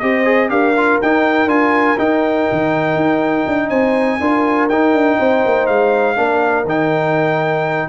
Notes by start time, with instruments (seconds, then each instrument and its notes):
0.00 tuba C4, trombone G4, horn C5, trumpet D#5
0.25 trombone G#4
0.50 tuba D4, trombone G4, horn A#4, trumpet F5
0.77 trombone F4
1.02 tuba D#4, trombone D#4, trumpet G5
1.46 tuba D4, trombone F4, trumpet G#5
1.99 tuba D#4, trombone D#4, trumpet G5
2.52 tuba D#3
2.96 tuba D#4
3.47 tuba D4
3.70 tuba C4, horn C5, trumpet G#5
4.21 tuba D4, trombone F4, horn A#4
4.70 tuba D#4, trombone D#4, trumpet G5
4.94 tuba D4
5.19 tuba C4, horn C5
5.46 tuba A#3
5.67 tuba G#3, trumpet F5
6.16 tuba A#3, trombone D4, horn A#4
6.65 tuba D#3, trombone D#4, trumpet G5